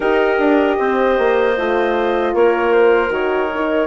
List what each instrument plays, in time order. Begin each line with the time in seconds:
0.00 bassoon D#4, horn G4, clarinet A#4, flute D#5
0.38 bassoon D4
0.78 bassoon C4, clarinet C5
1.18 bassoon A#3
1.57 bassoon A3, horn F4
2.34 bassoon A#3, clarinet A#4, flute C#5
2.72 flute C5
3.09 bassoon D#3, horn F#4, flute C#5
3.54 horn D#4